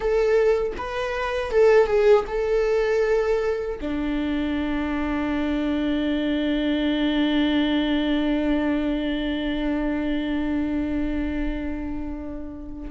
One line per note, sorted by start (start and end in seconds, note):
0.00 0.72 A4
0.77 1.51 B4
1.51 1.86 A4
1.86 2.24 G#4
2.27 3.79 A4
3.80 12.90 D4